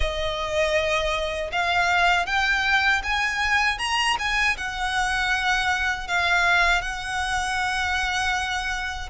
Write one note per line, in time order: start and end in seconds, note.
0.00 1.51 D#5
1.52 2.26 F5
2.26 3.02 G5
3.03 3.78 G#5
3.78 4.16 A#5
4.18 4.56 G#5
4.57 6.07 F#5
6.07 6.81 F5
6.81 9.09 F#5